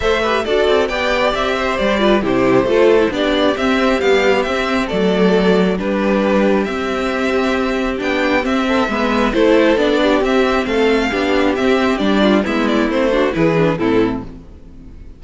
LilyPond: <<
  \new Staff \with { instrumentName = "violin" } { \time 4/4 \tempo 4 = 135 e''4 d''4 g''4 e''4 | d''4 c''2 d''4 | e''4 f''4 e''4 d''4~ | d''4 b'2 e''4~ |
e''2 g''4 e''4~ | e''4 c''4 d''4 e''4 | f''2 e''4 d''4 | e''8 d''8 c''4 b'4 a'4 | }
  \new Staff \with { instrumentName = "violin" } { \time 4/4 c''8 b'8 a'4 d''4. c''8~ | c''8 b'8 g'4 a'4 g'4~ | g'2. a'4~ | a'4 g'2.~ |
g'2.~ g'8 a'8 | b'4 a'4. g'4. | a'4 g'2~ g'8 f'8 | e'4. fis'8 gis'4 e'4 | }
  \new Staff \with { instrumentName = "viola" } { \time 4/4 a'8 g'8 fis'4 g'2~ | g'8 f'8 e'4 f'8. e'16 d'4 | c'4 g4 c'4 a4~ | a4 d'2 c'4~ |
c'2 d'4 c'4 | b4 e'4 d'4 c'4~ | c'4 d'4 c'4 d'4 | b4 c'8 d'8 e'8 d'8 c'4 | }
  \new Staff \with { instrumentName = "cello" } { \time 4/4 a4 d'8 c'8 b4 c'4 | g4 c4 a4 b4 | c'4 b4 c'4 fis4~ | fis4 g2 c'4~ |
c'2 b4 c'4 | gis4 a4 b4 c'4 | a4 b4 c'4 g4 | gis4 a4 e4 a,4 | }
>>